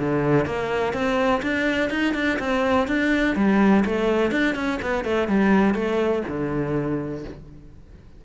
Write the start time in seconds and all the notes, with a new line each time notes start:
0.00 D3
0.46 A#3
0.94 C4
1.43 D4
1.90 D#4
2.14 D4
2.39 C4
2.88 D4
3.36 G3
3.86 A3
4.32 D4
4.55 C#4
4.82 B3
5.05 A3
5.29 G3
5.75 A3
6.28 D3